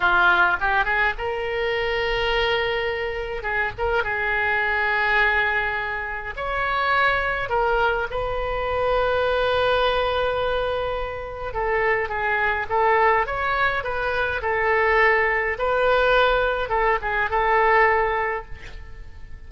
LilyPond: \new Staff \with { instrumentName = "oboe" } { \time 4/4 \tempo 4 = 104 f'4 g'8 gis'8 ais'2~ | ais'2 gis'8 ais'8 gis'4~ | gis'2. cis''4~ | cis''4 ais'4 b'2~ |
b'1 | a'4 gis'4 a'4 cis''4 | b'4 a'2 b'4~ | b'4 a'8 gis'8 a'2 | }